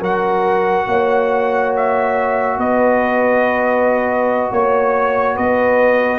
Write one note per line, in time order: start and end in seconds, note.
0.00 0.87 F#3
0.00 6.19 F#4
0.00 0.86 A#4
0.00 1.76 F#5
0.87 2.58 A#3
0.87 2.59 C#5
1.77 2.60 E5
2.58 4.51 B3
2.58 4.51 B4
2.58 4.53 D#5
4.51 5.37 A#3
4.51 5.37 C#5
4.51 5.36 C#5
5.36 6.19 B3
5.36 6.19 B4
5.36 6.19 D#5